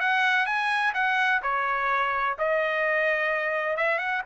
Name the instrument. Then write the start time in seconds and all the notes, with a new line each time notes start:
trumpet
0.00 F#5
0.46 G#5
0.94 F#5
1.42 C#5
2.38 D#5
3.76 E5
3.98 F#5